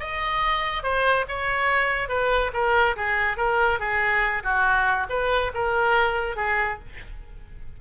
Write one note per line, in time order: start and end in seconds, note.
0.00 0.83 D#5
0.83 1.26 C5
1.28 2.09 C#5
2.09 2.51 B4
2.53 2.96 A#4
2.96 3.37 G#4
3.37 3.79 A#4
3.79 4.43 G#4
4.43 5.07 F#4
5.09 5.52 B4
5.54 6.36 A#4
6.36 6.79 G#4